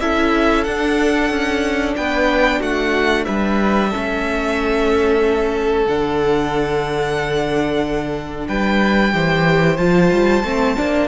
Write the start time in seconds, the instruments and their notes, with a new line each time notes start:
0.00 cello C#4, viola E4, violin A4 E5
0.64 cello D4, viola D4, violin F#5
1.30 cello C#4
1.96 cello B3, violin B4 G5
2.59 cello A3, violin F#4 F#5
3.25 cello G3, violin B4 E5
3.90 viola C#4, violin A4
3.96 cello A3
5.86 cello D3, viola D4, violin F#5
8.48 cello G3, violin B4 G5
9.12 cello E3, viola G4, violin C5
9.77 cello F3, viola F4, violin A5
10.11 cello G3
10.43 cello A3, viola C4
10.77 cello A#3, viola D4